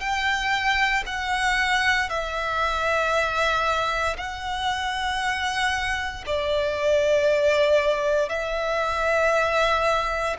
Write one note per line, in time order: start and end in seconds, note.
0.00 1.03 G5
1.06 2.09 F#5
2.09 4.16 E5
4.17 6.24 F#5
6.26 8.29 D5
8.29 10.36 E5